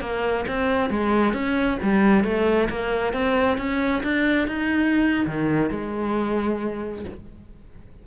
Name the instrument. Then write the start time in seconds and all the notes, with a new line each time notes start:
cello
0.00 A#3
0.47 C4
0.90 G#3
1.33 C#4
1.82 G3
2.23 A3
2.69 A#3
3.13 C4
3.57 C#4
4.03 D4
4.47 D#4
5.26 D#3
5.70 G#3